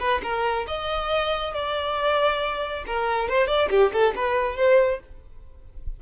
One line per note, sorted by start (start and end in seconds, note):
0.00 0.22 B4
0.23 0.67 A#4
0.68 1.54 D#5
1.54 2.85 D5
2.87 3.29 A#4
3.29 3.47 C5
3.47 3.69 D5
3.70 3.92 G4
3.93 4.14 A4
4.16 4.57 B4
4.57 5.00 C5